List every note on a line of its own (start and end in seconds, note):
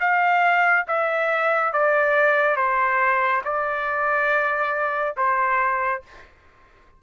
0.00 0.86 F5
0.87 1.73 E5
1.73 2.56 D5
2.56 3.42 C5
3.44 5.15 D5
5.17 6.02 C5